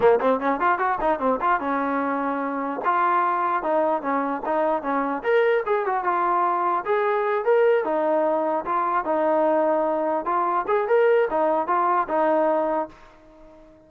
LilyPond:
\new Staff \with { instrumentName = "trombone" } { \time 4/4 \tempo 4 = 149 ais8 c'8 cis'8 f'8 fis'8 dis'8 c'8 f'8 | cis'2. f'4~ | f'4 dis'4 cis'4 dis'4 | cis'4 ais'4 gis'8 fis'8 f'4~ |
f'4 gis'4. ais'4 dis'8~ | dis'4. f'4 dis'4.~ | dis'4. f'4 gis'8 ais'4 | dis'4 f'4 dis'2 | }